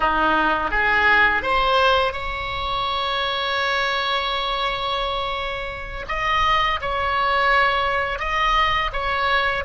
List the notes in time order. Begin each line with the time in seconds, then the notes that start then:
0.00 D#4
0.70 G#4
1.42 C5
2.12 C#5
6.08 D#5
6.81 C#5
8.19 D#5
8.92 C#5